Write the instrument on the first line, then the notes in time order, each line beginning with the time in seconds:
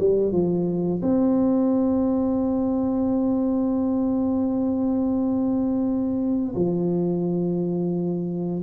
tuba
0.00 G3
0.33 F3
1.03 C4
6.55 F3